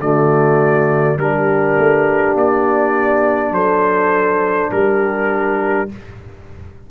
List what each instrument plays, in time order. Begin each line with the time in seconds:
0.00 tuba D3, trombone A3, horn F#4, trumpet D5
1.17 tuba G3, trombone D4, horn G4, trumpet A#4
1.78 tuba A3
2.35 tuba A#3, trumpet D5
3.51 tuba F#3, horn A4, trumpet C5
4.72 tuba G3, horn G4, trumpet A#4